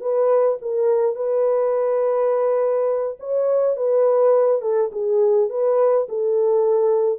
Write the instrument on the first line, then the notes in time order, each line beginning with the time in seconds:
horn
0.00 B4
0.61 A#4
1.15 B4
3.19 C#5
3.76 B4
4.61 A4
4.92 G#4
5.49 B4
6.09 A4